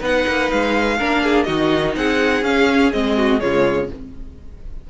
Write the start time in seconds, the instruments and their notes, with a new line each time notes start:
0.00 cello B3, viola D#4, violin B4 F#5
0.28 cello A#3
0.51 cello G#3, violin F5
0.98 cello A#3, viola D4, violin A#4
1.24 violin G#4
1.44 cello D#3, viola D#4, violin F#4 D#5
1.96 cello C4, violin G#4 F#5
2.42 cello C#4, viola C#4, violin F5
2.93 cello G#3, viola C4, violin D#5
3.17 violin F#4
3.40 cello C#3, viola G#3, violin F4 C#5